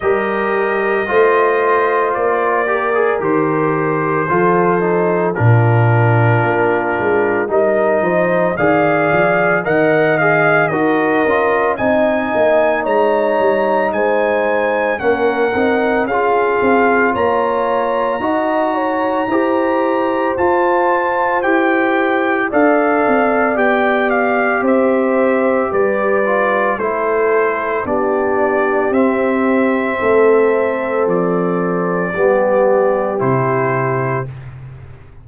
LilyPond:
<<
  \new Staff \with { instrumentName = "trumpet" } { \time 4/4 \tempo 4 = 56 dis''2 d''4 c''4~ | c''4 ais'2 dis''4 | f''4 fis''8 f''8 dis''4 gis''4 | ais''4 gis''4 fis''4 f''4 |
ais''2. a''4 | g''4 f''4 g''8 f''8 e''4 | d''4 c''4 d''4 e''4~ | e''4 d''2 c''4 | }
  \new Staff \with { instrumentName = "horn" } { \time 4/4 ais'4 c''4. ais'4. | a'4 f'2 ais'8 c''8 | d''4 dis''4 ais'4 dis''4 | cis''4 c''4 ais'4 gis'4 |
cis''4 dis''8 cis''8 c''2~ | c''4 d''2 c''4 | b'4 a'4 g'2 | a'2 g'2 | }
  \new Staff \with { instrumentName = "trombone" } { \time 4/4 g'4 f'4. g'16 gis'16 g'4 | f'8 dis'8 d'2 dis'4 | gis'4 ais'8 gis'8 fis'8 f'8 dis'4~ | dis'2 cis'8 dis'8 f'4~ |
f'4 fis'4 g'4 f'4 | g'4 a'4 g'2~ | g'8 f'8 e'4 d'4 c'4~ | c'2 b4 e'4 | }
  \new Staff \with { instrumentName = "tuba" } { \time 4/4 g4 a4 ais4 dis4 | f4 ais,4 ais8 gis8 g8 f8 | dis8 f8 dis4 dis'8 cis'8 c'8 ais8 | gis8 g8 gis4 ais8 c'8 cis'8 c'8 |
ais4 dis'4 e'4 f'4 | e'4 d'8 c'8 b4 c'4 | g4 a4 b4 c'4 | a4 f4 g4 c4 | }
>>